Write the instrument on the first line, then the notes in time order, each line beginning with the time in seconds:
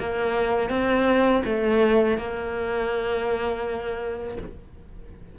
cello
0.00 A#3
0.70 C4
1.45 A3
2.18 A#3